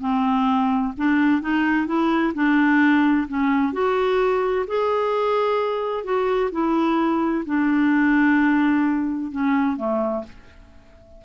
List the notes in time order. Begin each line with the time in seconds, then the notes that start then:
0.00 C4
0.97 D4
1.41 D#4
1.87 E4
2.34 D4
3.28 C#4
3.73 F#4
4.67 G#4
6.04 F#4
6.51 E4
7.46 D4
9.31 C#4
9.77 A3